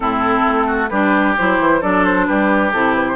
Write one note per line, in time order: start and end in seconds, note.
0.00 0.43 A2
0.00 0.88 C4
0.00 0.66 E4
0.00 0.88 A4
0.47 0.90 A3
0.66 0.89 F#4
0.88 1.36 G3
0.88 1.37 D4
0.88 1.80 G4
0.88 1.34 B4
1.37 1.59 F#3
1.37 1.81 E4
1.37 1.82 C5
1.59 1.81 E3
1.80 2.28 F#3
1.80 2.72 D4
1.80 2.26 A4
1.80 2.05 D5
2.05 2.25 C5
2.25 2.72 G3
2.25 3.16 G4
2.25 2.71 B4
2.72 3.16 C3
2.72 3.16 E4
2.72 2.94 A4
2.94 3.06 B4
3.07 3.16 C5